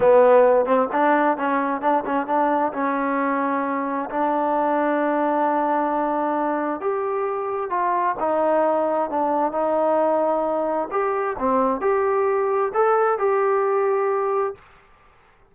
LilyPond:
\new Staff \with { instrumentName = "trombone" } { \time 4/4 \tempo 4 = 132 b4. c'8 d'4 cis'4 | d'8 cis'8 d'4 cis'2~ | cis'4 d'2.~ | d'2. g'4~ |
g'4 f'4 dis'2 | d'4 dis'2. | g'4 c'4 g'2 | a'4 g'2. | }